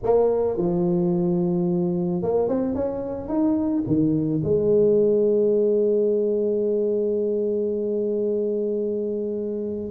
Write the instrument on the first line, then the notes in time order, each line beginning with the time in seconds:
tuba
0.03 A#3
0.57 F3
2.22 A#3
2.48 C4
2.74 C#4
3.28 D#4
3.86 D#3
4.43 G#3